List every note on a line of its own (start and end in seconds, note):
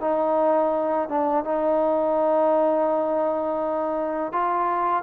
0.00 1.08 D#4
1.08 1.44 D4
1.44 4.32 D#4
4.32 5.03 F4